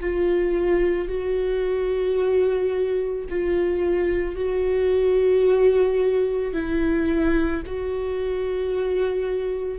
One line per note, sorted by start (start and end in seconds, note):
0.00 1.09 F4
1.09 3.27 F#4
3.30 4.36 F4
4.36 6.54 F#4
6.54 7.63 E4
7.66 9.79 F#4